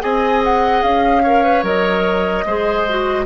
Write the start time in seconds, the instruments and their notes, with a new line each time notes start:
0.00 bassoon C4, clarinet G#4, oboe D#5, flute G#5
0.44 flute F#5
0.82 bassoon C#4, flute F5
1.23 clarinet A#4, oboe C#5
1.43 clarinet B4
1.63 bassoon F#3, clarinet A#4, flute D#5
2.45 bassoon G#3, clarinet G#4, oboe C5
2.89 clarinet F#4